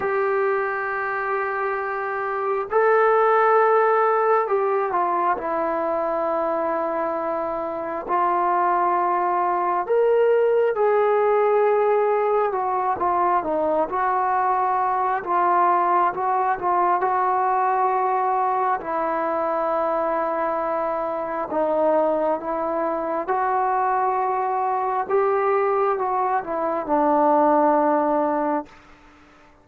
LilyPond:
\new Staff \with { instrumentName = "trombone" } { \time 4/4 \tempo 4 = 67 g'2. a'4~ | a'4 g'8 f'8 e'2~ | e'4 f'2 ais'4 | gis'2 fis'8 f'8 dis'8 fis'8~ |
fis'4 f'4 fis'8 f'8 fis'4~ | fis'4 e'2. | dis'4 e'4 fis'2 | g'4 fis'8 e'8 d'2 | }